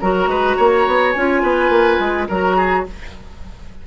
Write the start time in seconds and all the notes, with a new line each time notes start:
0.00 F#3 F#4 A#4 A#5
0.27 G#3 B4
0.57 A#3 C#5
0.87 B3
1.12 C#4 F4 G#5
1.42 B3 B4
1.69 A#3
1.99 G#3
2.28 F#3 F#4 A#4 A#5
2.56 G#4